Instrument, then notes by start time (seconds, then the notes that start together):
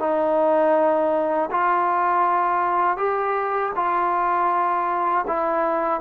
trombone
0.00 D#4
1.51 F4
2.97 G4
3.76 F4
5.28 E4